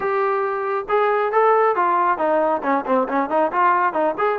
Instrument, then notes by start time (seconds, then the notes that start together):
trombone
0.00 G4
0.89 G#4
1.32 A4
1.75 F4
2.18 D#4
2.63 C#4
2.85 C4
3.08 C#4
3.29 D#4
3.52 F4
3.93 D#4
4.17 G#4